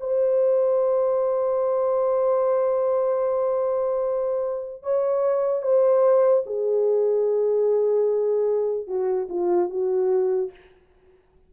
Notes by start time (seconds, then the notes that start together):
0.00 C5
4.83 C#5
5.62 C5
6.46 G#4
8.87 F#4
9.29 F4
9.70 F#4